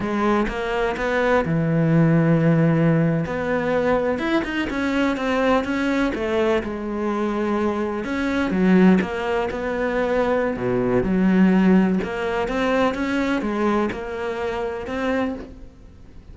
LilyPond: \new Staff \with { instrumentName = "cello" } { \time 4/4 \tempo 4 = 125 gis4 ais4 b4 e4~ | e2~ e8. b4~ b16~ | b8. e'8 dis'8 cis'4 c'4 cis'16~ | cis'8. a4 gis2~ gis16~ |
gis8. cis'4 fis4 ais4 b16~ | b2 b,4 fis4~ | fis4 ais4 c'4 cis'4 | gis4 ais2 c'4 | }